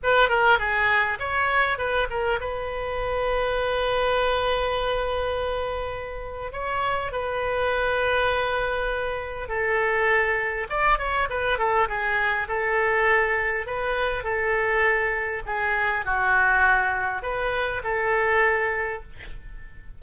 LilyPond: \new Staff \with { instrumentName = "oboe" } { \time 4/4 \tempo 4 = 101 b'8 ais'8 gis'4 cis''4 b'8 ais'8 | b'1~ | b'2. cis''4 | b'1 |
a'2 d''8 cis''8 b'8 a'8 | gis'4 a'2 b'4 | a'2 gis'4 fis'4~ | fis'4 b'4 a'2 | }